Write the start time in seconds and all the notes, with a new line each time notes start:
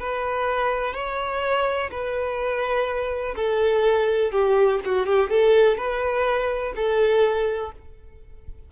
0.00 B4
0.94 C#5
1.91 B4
3.36 A4
4.32 G4
4.85 F#4
5.07 G4
5.30 A4
5.77 B4
6.76 A4